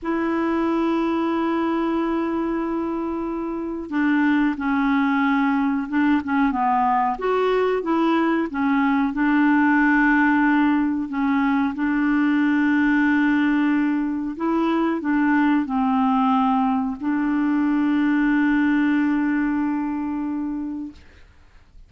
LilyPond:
\new Staff \with { instrumentName = "clarinet" } { \time 4/4 \tempo 4 = 92 e'1~ | e'2 d'4 cis'4~ | cis'4 d'8 cis'8 b4 fis'4 | e'4 cis'4 d'2~ |
d'4 cis'4 d'2~ | d'2 e'4 d'4 | c'2 d'2~ | d'1 | }